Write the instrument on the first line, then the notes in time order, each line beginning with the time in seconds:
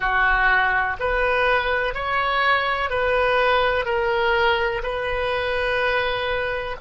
oboe
0.00 F#4
0.99 B4
1.94 C#5
2.90 B4
3.85 A#4
4.83 B4